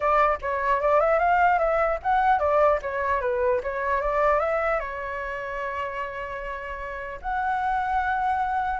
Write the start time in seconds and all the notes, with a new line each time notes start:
0.00 D5
0.41 C#5
0.81 D5
1.00 E5
1.19 F5
1.59 E5
2.03 F#5
2.39 D5
2.81 C#5
3.21 B4
3.63 C#5
4.01 D5
4.39 E5
4.79 C#5
7.21 F#5